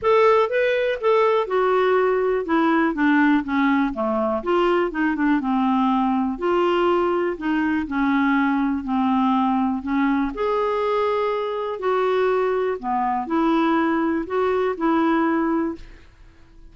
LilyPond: \new Staff \with { instrumentName = "clarinet" } { \time 4/4 \tempo 4 = 122 a'4 b'4 a'4 fis'4~ | fis'4 e'4 d'4 cis'4 | a4 f'4 dis'8 d'8 c'4~ | c'4 f'2 dis'4 |
cis'2 c'2 | cis'4 gis'2. | fis'2 b4 e'4~ | e'4 fis'4 e'2 | }